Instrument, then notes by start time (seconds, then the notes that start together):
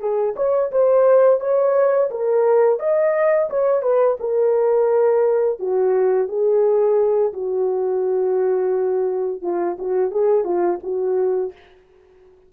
horn
0.00 G#4
0.37 C#5
0.72 C5
1.41 C#5
2.11 A#4
2.80 D#5
3.50 C#5
3.83 B4
4.21 A#4
5.60 F#4
6.29 G#4
7.34 F#4
9.42 F4
9.79 F#4
10.12 G#4
10.45 F4
10.83 F#4